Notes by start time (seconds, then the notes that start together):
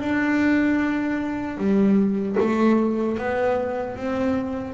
0.00 D4
1.58 G3
2.39 A3
3.18 B3
3.96 C4